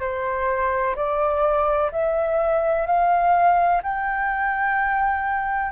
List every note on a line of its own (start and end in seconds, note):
0.00 0.95 C5
0.96 1.91 D5
1.91 2.86 E5
2.86 3.81 F5
3.82 5.71 G5